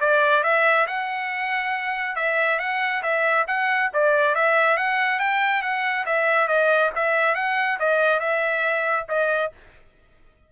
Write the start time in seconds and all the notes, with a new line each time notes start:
0.00 D5
0.43 E5
0.87 F#5
2.15 E5
2.59 F#5
3.03 E5
3.47 F#5
3.93 D5
4.35 E5
4.77 F#5
5.19 G5
5.62 F#5
6.05 E5
6.47 D#5
6.95 E5
7.35 F#5
7.79 D#5
8.20 E5
9.08 D#5